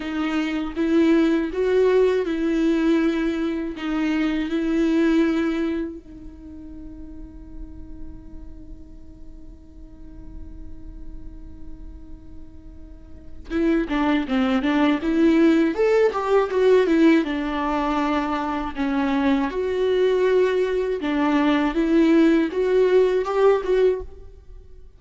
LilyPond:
\new Staff \with { instrumentName = "viola" } { \time 4/4 \tempo 4 = 80 dis'4 e'4 fis'4 e'4~ | e'4 dis'4 e'2 | dis'1~ | dis'1~ |
dis'2 e'8 d'8 c'8 d'8 | e'4 a'8 g'8 fis'8 e'8 d'4~ | d'4 cis'4 fis'2 | d'4 e'4 fis'4 g'8 fis'8 | }